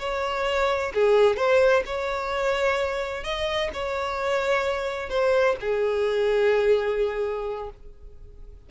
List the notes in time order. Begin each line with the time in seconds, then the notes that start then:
0.00 C#5
0.95 G#4
1.37 C5
1.86 C#5
3.24 D#5
3.74 C#5
5.10 C5
5.61 G#4